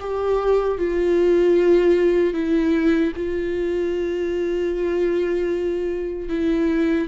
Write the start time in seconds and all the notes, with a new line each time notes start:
0.00 G4
0.78 F4
2.34 E4
3.16 F4
6.29 E4